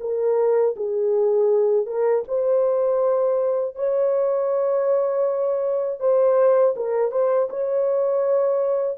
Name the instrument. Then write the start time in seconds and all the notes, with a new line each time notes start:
horn
0.00 A#4
0.76 G#4
1.86 A#4
2.28 C5
3.75 C#5
6.00 C5
6.76 A#4
7.11 C5
7.50 C#5